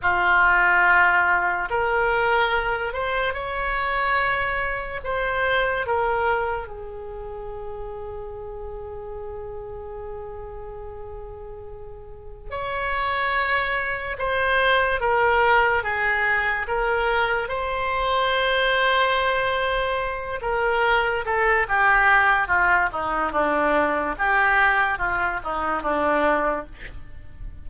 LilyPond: \new Staff \with { instrumentName = "oboe" } { \time 4/4 \tempo 4 = 72 f'2 ais'4. c''8 | cis''2 c''4 ais'4 | gis'1~ | gis'2. cis''4~ |
cis''4 c''4 ais'4 gis'4 | ais'4 c''2.~ | c''8 ais'4 a'8 g'4 f'8 dis'8 | d'4 g'4 f'8 dis'8 d'4 | }